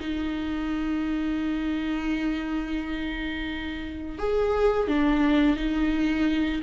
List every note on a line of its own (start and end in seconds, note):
0.00 4.19 D#4
4.19 4.88 G#4
4.88 5.56 D4
5.56 6.61 D#4